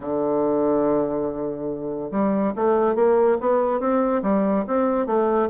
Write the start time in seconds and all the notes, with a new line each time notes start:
0.00 D3
2.11 G3
2.55 A3
2.95 A#3
3.40 B3
3.79 C4
4.22 G3
4.67 C4
5.06 A3